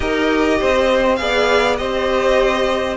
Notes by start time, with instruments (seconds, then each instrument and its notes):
0.00 cello D#4, viola G4, violin A#4 D#5
0.59 cello C4, violin C5
1.15 cello B3, viola G#4, violin D5 F5
1.77 cello C4, viola G4, violin C5 D#5